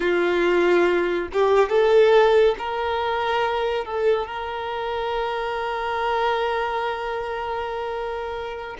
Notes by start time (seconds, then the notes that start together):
0.00 F4
1.32 G4
1.69 A4
2.58 A#4
3.84 A4
4.26 A#4